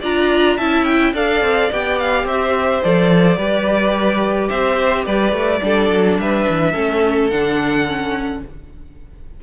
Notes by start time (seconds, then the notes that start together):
0.00 D4 F4 D5 A#5
0.56 C#4 E4 E5 A5
0.84 G5
1.13 D4 A4 D5 F5
1.41 C4
1.72 B3 G4 G5
1.98 F5
2.24 C4 C5 E5
2.83 F3 A4 D5
3.36 G3 G4 B4
4.49 C4 C5 E5
5.05 G3 B4 D5
5.32 A3
5.61 G3 D4 A4
5.90 F#3
6.18 G3 B4 E5
6.49 E3
6.71 A3 C#4 A4
7.30 D3 D4 F#5
7.87 C#4